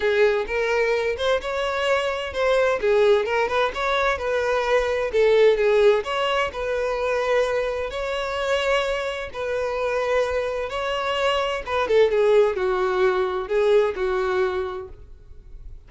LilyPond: \new Staff \with { instrumentName = "violin" } { \time 4/4 \tempo 4 = 129 gis'4 ais'4. c''8 cis''4~ | cis''4 c''4 gis'4 ais'8 b'8 | cis''4 b'2 a'4 | gis'4 cis''4 b'2~ |
b'4 cis''2. | b'2. cis''4~ | cis''4 b'8 a'8 gis'4 fis'4~ | fis'4 gis'4 fis'2 | }